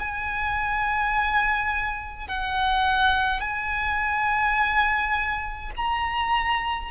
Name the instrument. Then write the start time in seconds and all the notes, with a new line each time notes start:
violin
0.00 G#5
2.29 F#5
3.41 G#5
5.77 A#5